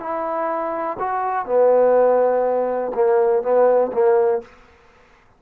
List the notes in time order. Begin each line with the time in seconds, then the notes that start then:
0.00 E4
1.00 F#4
1.46 B3
2.95 A#3
3.43 B3
3.93 A#3